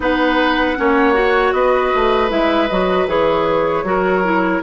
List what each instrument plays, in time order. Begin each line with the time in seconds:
0.00 bassoon B3, clarinet D#4, oboe B4, flute F#5
0.76 bassoon A#3, clarinet C#4, oboe C#5
1.14 clarinet F#4
1.52 bassoon B3, oboe B4, flute D#5
1.95 bassoon A3
2.29 bassoon G#3, clarinet E4, flute E5
2.68 bassoon F#3, clarinet F#4, flute D#5
3.06 bassoon E3, clarinet G#4, flute C#5
3.83 bassoon F#3, clarinet F#4, oboe A#4
4.24 clarinet E4